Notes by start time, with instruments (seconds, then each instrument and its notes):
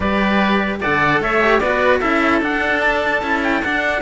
0.00 cello G3 G4, oboe B4, trumpet D5
0.80 cello D3 A4, oboe D5, trumpet F#5
1.20 cello A3, oboe C#5, trumpet E5
1.40 cello G4
1.59 cello B3 F#4, oboe B4, trumpet D5
1.99 cello C#4 E4, oboe A4, trumpet E5
2.41 cello D4, trumpet F#5
2.80 trumpet A5
3.22 cello C#4 E4
3.43 trumpet G5
3.63 cello D4, trumpet F#5